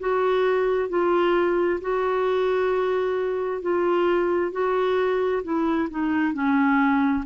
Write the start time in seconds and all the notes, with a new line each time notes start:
0.00 F#4
0.89 F4
1.81 F#4
3.62 F4
4.52 F#4
5.43 E4
5.90 D#4
6.33 C#4